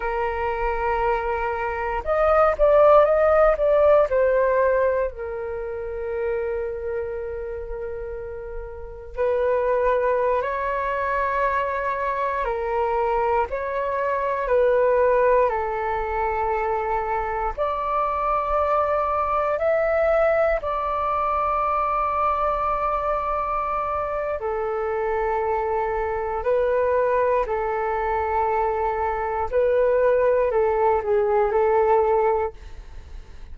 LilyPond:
\new Staff \with { instrumentName = "flute" } { \time 4/4 \tempo 4 = 59 ais'2 dis''8 d''8 dis''8 d''8 | c''4 ais'2.~ | ais'4 b'4~ b'16 cis''4.~ cis''16~ | cis''16 ais'4 cis''4 b'4 a'8.~ |
a'4~ a'16 d''2 e''8.~ | e''16 d''2.~ d''8. | a'2 b'4 a'4~ | a'4 b'4 a'8 gis'8 a'4 | }